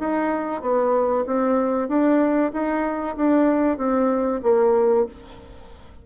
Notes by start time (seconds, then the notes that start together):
0.00 D#4
0.62 B3
1.27 C4
1.89 D4
2.53 D#4
3.17 D4
3.78 C4
4.43 A#3